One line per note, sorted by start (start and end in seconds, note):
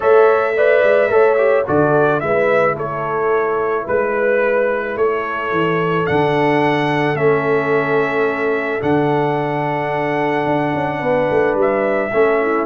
0.00 0.82 A3
0.00 0.53 A4
0.00 0.54 C#5
0.00 1.67 E5
0.56 1.08 B4
0.56 1.11 D5
0.82 1.09 G#3
1.08 1.64 A3
1.08 1.36 A4
1.08 1.66 C#5
1.37 1.65 G4
1.66 2.22 D3
1.66 2.21 F#4
1.66 2.21 A4
1.66 2.20 D5
2.20 2.75 G#3
2.20 6.06 E4
2.20 2.74 B4
2.20 2.75 E5
2.74 3.85 A3
2.74 3.83 A4
2.74 3.87 C#5
3.83 4.96 G#3
3.83 4.94 B4
3.83 4.97 B4
4.96 5.51 A3
4.96 10.99 A4
4.96 6.06 C#5
5.51 6.06 E3
6.06 7.14 D3
6.06 7.15 D4
6.06 7.16 F#5
7.14 8.79 A3
7.14 8.80 C#4
7.14 8.81 E5
8.80 10.46 D3
8.80 12.10 D4
8.80 11.57 F#5
10.46 10.73 D4
10.74 11.01 C#4
10.99 11.29 B3
10.99 12.09 B4
11.30 11.54 A3
11.54 12.10 G3
11.54 12.65 E5
12.13 12.65 A3
12.13 12.65 C#4
12.13 12.41 A4
12.41 12.65 E4